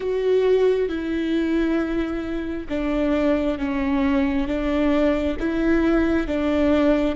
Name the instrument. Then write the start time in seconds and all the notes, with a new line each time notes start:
viola
0.00 F#4
0.88 E4
2.69 D4
3.58 C#4
4.47 D4
5.39 E4
6.27 D4